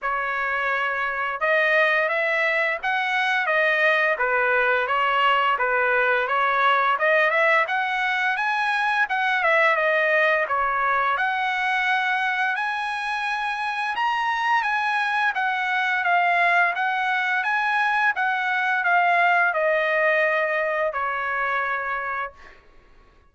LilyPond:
\new Staff \with { instrumentName = "trumpet" } { \time 4/4 \tempo 4 = 86 cis''2 dis''4 e''4 | fis''4 dis''4 b'4 cis''4 | b'4 cis''4 dis''8 e''8 fis''4 | gis''4 fis''8 e''8 dis''4 cis''4 |
fis''2 gis''2 | ais''4 gis''4 fis''4 f''4 | fis''4 gis''4 fis''4 f''4 | dis''2 cis''2 | }